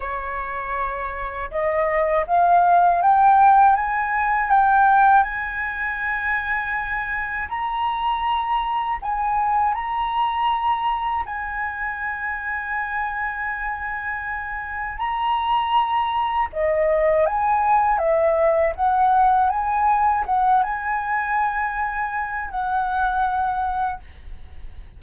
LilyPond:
\new Staff \with { instrumentName = "flute" } { \time 4/4 \tempo 4 = 80 cis''2 dis''4 f''4 | g''4 gis''4 g''4 gis''4~ | gis''2 ais''2 | gis''4 ais''2 gis''4~ |
gis''1 | ais''2 dis''4 gis''4 | e''4 fis''4 gis''4 fis''8 gis''8~ | gis''2 fis''2 | }